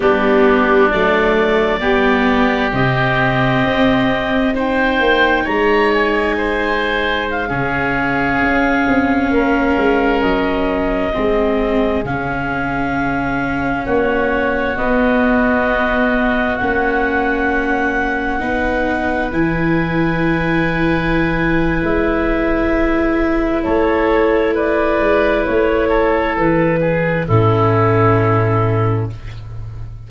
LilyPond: <<
  \new Staff \with { instrumentName = "clarinet" } { \time 4/4 \tempo 4 = 66 g'4 d''2 dis''4~ | dis''4 g''4 ais''8 gis''4. | f''2.~ f''16 dis''8.~ | dis''4~ dis''16 f''2 cis''8.~ |
cis''16 dis''2 fis''4.~ fis''16~ | fis''4~ fis''16 gis''2~ gis''8. | e''2 cis''4 d''4 | cis''4 b'4 a'2 | }
  \new Staff \with { instrumentName = "oboe" } { \time 4/4 d'2 g'2~ | g'4 c''4 cis''4 c''4~ | c''16 gis'2 ais'4.~ ais'16~ | ais'16 gis'2. fis'8.~ |
fis'1~ | fis'16 b'2.~ b'8.~ | b'2 a'4 b'4~ | b'8 a'4 gis'8 e'2 | }
  \new Staff \with { instrumentName = "viola" } { \time 4/4 b4 a4 b4 c'4~ | c'4 dis'2.~ | dis'16 cis'2.~ cis'8.~ | cis'16 c'4 cis'2~ cis'8.~ |
cis'16 b2 cis'4.~ cis'16~ | cis'16 dis'4 e'2~ e'8.~ | e'1~ | e'2 cis'2 | }
  \new Staff \with { instrumentName = "tuba" } { \time 4/4 g4 fis4 g4 c4 | c'4. ais8 gis2~ | gis16 cis4 cis'8 c'8 ais8 gis8 fis8.~ | fis16 gis4 cis2 ais8.~ |
ais16 b2 ais4.~ ais16~ | ais16 b4 e2~ e8. | gis2 a4. gis8 | a4 e4 a,2 | }
>>